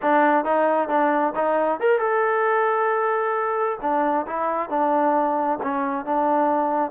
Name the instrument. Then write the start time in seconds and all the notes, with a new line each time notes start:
trombone
0.02 D4
0.44 D#4
0.88 D4
1.35 D#4
1.80 A#4
1.99 A4
3.81 D4
4.27 E4
4.69 D4
5.63 C#4
6.05 D4